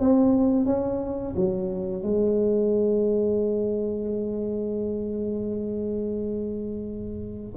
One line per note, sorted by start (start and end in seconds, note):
0.00 0.66 C4
0.66 1.35 C#4
1.36 2.03 F#3
2.03 7.55 G#3